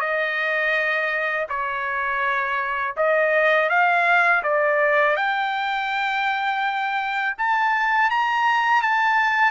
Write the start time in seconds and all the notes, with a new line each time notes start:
0.00 D#5
1.48 C#5
2.96 D#5
3.69 F5
4.42 D5
5.16 G5
7.38 A5
8.10 A#5
8.82 A5